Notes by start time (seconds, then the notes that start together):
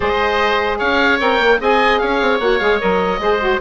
0.00 G#3 G#4 C5 D#5
0.78 C#4 C#5 F5
1.20 C4 A#4 G5
1.39 A#3
1.60 C4 G#4 D#5 G#5
1.98 C#4 C#5 F5
2.21 C4
2.40 A#3 F#4 F#5
2.58 G#3 G#4 F5
2.79 F#3 A#4 D#5
3.19 G#3 G#4 C5
3.39 F#4